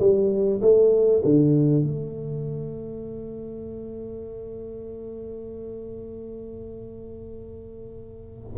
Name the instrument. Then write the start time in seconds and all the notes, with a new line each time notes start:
tuba
0.00 G3
0.62 A3
1.25 D3
1.84 A3